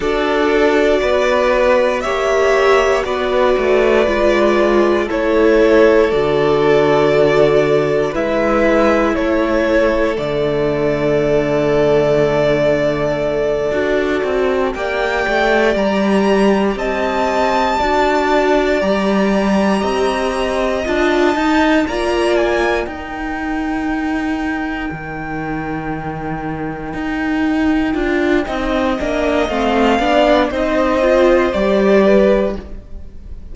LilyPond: <<
  \new Staff \with { instrumentName = "violin" } { \time 4/4 \tempo 4 = 59 d''2 e''4 d''4~ | d''4 cis''4 d''2 | e''4 cis''4 d''2~ | d''2~ d''8 g''4 ais''8~ |
ais''8 a''2 ais''4.~ | ais''8 a''4 ais''8 gis''8 g''4.~ | g''1~ | g''4 f''4 dis''4 d''4 | }
  \new Staff \with { instrumentName = "violin" } { \time 4/4 a'4 b'4 cis''4 b'4~ | b'4 a'2. | b'4 a'2.~ | a'2~ a'8 d''4.~ |
d''8 dis''4 d''2 dis''8~ | dis''4. d''4 ais'4.~ | ais'1 | dis''4. d''8 c''4. b'8 | }
  \new Staff \with { instrumentName = "viola" } { \time 4/4 fis'2 g'4 fis'4 | f'4 e'4 fis'2 | e'2 a2~ | a4. fis'4 g'4.~ |
g'4. fis'4 g'4.~ | g'8 f'8 dis'8 f'4 dis'4.~ | dis'2.~ dis'8 f'8 | dis'8 d'8 c'8 d'8 dis'8 f'8 g'4 | }
  \new Staff \with { instrumentName = "cello" } { \time 4/4 d'4 b4 ais4 b8 a8 | gis4 a4 d2 | gis4 a4 d2~ | d4. d'8 c'8 ais8 a8 g8~ |
g8 c'4 d'4 g4 c'8~ | c'8 d'8 dis'8 ais4 dis'4.~ | dis'8 dis2 dis'4 d'8 | c'8 ais8 a8 b8 c'4 g4 | }
>>